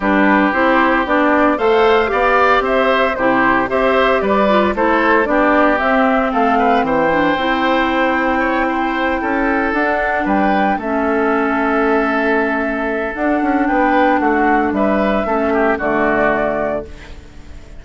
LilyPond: <<
  \new Staff \with { instrumentName = "flute" } { \time 4/4 \tempo 4 = 114 b'4 c''4 d''4 f''4~ | f''4 e''4 c''4 e''4 | d''4 c''4 d''4 e''4 | f''4 g''2.~ |
g''2~ g''8 fis''4 g''8~ | g''8 e''2.~ e''8~ | e''4 fis''4 g''4 fis''4 | e''2 d''2 | }
  \new Staff \with { instrumentName = "oboe" } { \time 4/4 g'2. c''4 | d''4 c''4 g'4 c''4 | b'4 a'4 g'2 | a'8 b'8 c''2. |
cis''8 c''4 a'2 b'8~ | b'8 a'2.~ a'8~ | a'2 b'4 fis'4 | b'4 a'8 g'8 fis'2 | }
  \new Staff \with { instrumentName = "clarinet" } { \time 4/4 d'4 e'4 d'4 a'4 | g'2 e'4 g'4~ | g'8 f'8 e'4 d'4 c'4~ | c'4. d'8 e'2~ |
e'2~ e'8 d'4.~ | d'8 cis'2.~ cis'8~ | cis'4 d'2.~ | d'4 cis'4 a2 | }
  \new Staff \with { instrumentName = "bassoon" } { \time 4/4 g4 c'4 b4 a4 | b4 c'4 c4 c'4 | g4 a4 b4 c'4 | a4 e4 c'2~ |
c'4. cis'4 d'4 g8~ | g8 a2.~ a8~ | a4 d'8 cis'8 b4 a4 | g4 a4 d2 | }
>>